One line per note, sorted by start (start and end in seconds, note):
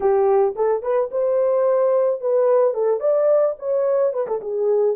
0.00 0.54 G4
0.55 0.82 A4
0.82 1.10 B4
1.11 2.20 C5
2.20 2.73 B4
2.73 3.00 A4
3.00 3.55 D5
3.59 4.13 C#5
4.13 4.27 B4
4.27 4.40 A4
4.41 4.96 G#4